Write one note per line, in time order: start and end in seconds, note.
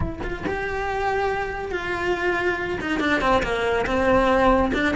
0.00 0.19 E4
0.23 0.44 F4
0.47 1.71 G4
1.71 2.79 F4
2.81 3.00 D#4
3.00 3.21 D4
3.21 3.42 C4
3.42 3.85 A#3
3.86 4.72 C4
4.73 4.95 D4